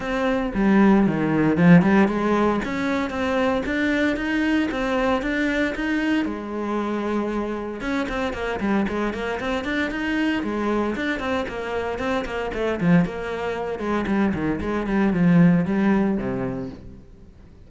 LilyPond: \new Staff \with { instrumentName = "cello" } { \time 4/4 \tempo 4 = 115 c'4 g4 dis4 f8 g8 | gis4 cis'4 c'4 d'4 | dis'4 c'4 d'4 dis'4 | gis2. cis'8 c'8 |
ais8 g8 gis8 ais8 c'8 d'8 dis'4 | gis4 d'8 c'8 ais4 c'8 ais8 | a8 f8 ais4. gis8 g8 dis8 | gis8 g8 f4 g4 c4 | }